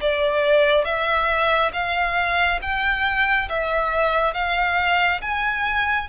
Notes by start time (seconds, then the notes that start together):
0.00 D5
0.84 E5
1.73 F5
2.61 G5
3.49 E5
4.34 F5
5.21 G#5